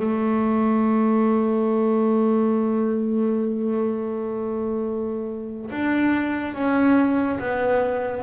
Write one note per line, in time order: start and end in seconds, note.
0.00 5.70 A3
5.71 6.55 D4
6.55 7.39 C#4
7.39 8.24 B3